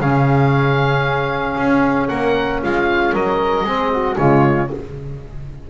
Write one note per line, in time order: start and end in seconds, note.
0.00 1.57 C#3
0.00 3.66 C#4
0.00 2.08 G#4
0.00 2.08 F5
1.57 2.09 C#4
2.08 2.63 A#3
2.08 2.61 A#4
2.08 2.60 F#5
2.62 3.13 G#3
2.62 3.13 F4
2.62 3.15 F5
3.13 3.64 F#3
3.13 3.64 A#4
3.13 4.16 D#5
3.64 4.16 G#3
3.64 4.17 C4
3.64 3.90 G#4
3.91 4.17 F#4
4.16 4.70 C#3
4.16 4.69 G#3
4.16 4.70 F4
4.16 4.68 C#5